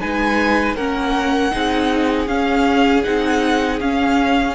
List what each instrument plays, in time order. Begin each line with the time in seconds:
0.00 cello G#3, viola D#4, violin B4 G#5
0.75 cello A#3, viola C#4, violin A#4 F#5
1.51 cello C4, viola D#4, violin G#4
2.27 viola C#4, cello C#4, violin F5
3.03 cello C4, viola D#4, violin F#5
3.81 cello C#4, viola C#4, violin F5